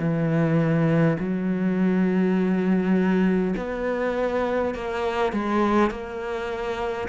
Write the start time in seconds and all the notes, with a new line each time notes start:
0.00 E3
1.20 F#3
3.57 B3
4.75 A#3
5.33 G#3
5.91 A#3